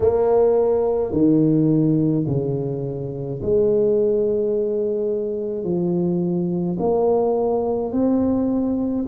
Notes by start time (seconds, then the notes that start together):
0.00 A#3
1.12 D#3
2.26 C#3
3.42 G#3
5.63 F3
6.79 A#3
7.92 C4